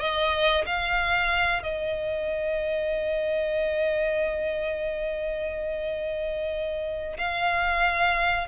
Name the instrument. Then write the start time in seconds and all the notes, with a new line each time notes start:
violin
0.00 D#5
0.66 F5
1.63 D#5
7.18 F5